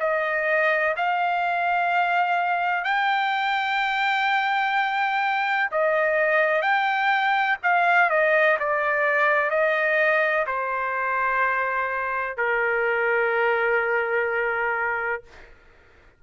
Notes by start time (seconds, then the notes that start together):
0.00 D#5
0.97 F5
2.85 G5
5.71 D#5
6.62 G5
7.63 F5
8.10 D#5
8.60 D5
9.51 D#5
10.47 C5
12.38 A#4